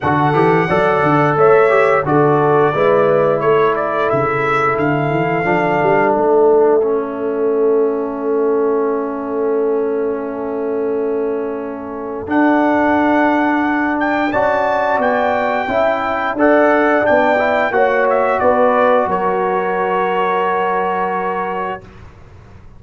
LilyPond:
<<
  \new Staff \with { instrumentName = "trumpet" } { \time 4/4 \tempo 4 = 88 fis''2 e''4 d''4~ | d''4 cis''8 d''8 e''4 f''4~ | f''4 e''2.~ | e''1~ |
e''2 fis''2~ | fis''8 g''8 a''4 g''2 | fis''4 g''4 fis''8 e''8 d''4 | cis''1 | }
  \new Staff \with { instrumentName = "horn" } { \time 4/4 a'4 d''4 cis''4 a'4 | b'4 a'2.~ | a'1~ | a'1~ |
a'1~ | a'4 d''2 e''4 | d''2 cis''4 b'4 | ais'1 | }
  \new Staff \with { instrumentName = "trombone" } { \time 4/4 fis'8 g'8 a'4. g'8 fis'4 | e'1 | d'2 cis'2~ | cis'1~ |
cis'2 d'2~ | d'4 fis'2 e'4 | a'4 d'8 e'8 fis'2~ | fis'1 | }
  \new Staff \with { instrumentName = "tuba" } { \time 4/4 d8 e8 fis8 d8 a4 d4 | gis4 a4 cis4 d8 e8 | f8 g8 a2.~ | a1~ |
a2 d'2~ | d'4 cis'4 b4 cis'4 | d'4 b4 ais4 b4 | fis1 | }
>>